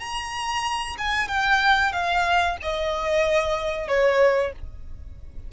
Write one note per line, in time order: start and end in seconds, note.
0.00 0.97 A#5
0.98 1.28 G#5
1.28 1.93 G5
1.93 2.57 F5
2.62 3.88 D#5
3.88 4.53 C#5